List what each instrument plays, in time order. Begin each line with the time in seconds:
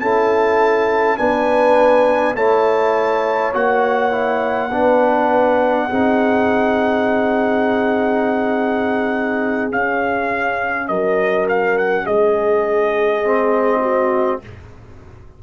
0.00 tuba C#4, trombone E4, horn A4, trumpet A5
1.17 tuba B3, trombone D4, horn B4, trumpet G#5
2.35 tuba A3, trombone E4, horn C#5, trumpet A5
3.53 tuba A#3, trombone F#4, trumpet F#5
4.11 trombone E4
4.71 tuba B3, trombone D4, horn B4
5.88 tuba C4, trombone D#4, horn G#4
9.71 trombone C#4, tuba C#4, trumpet F5
10.88 tuba F#3, horn A#4, trumpet D#5
11.49 trumpet F5
11.78 trumpet F#5
12.05 tuba G#3, horn G#4, trumpet D#5
13.24 trombone C4
13.82 horn F#4